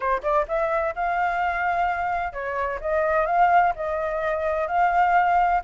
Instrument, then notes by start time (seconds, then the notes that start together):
flute
0.00 C5
0.22 D5
0.48 E5
0.95 F5
2.32 C#5
2.80 D#5
3.26 F5
3.75 D#5
4.67 F5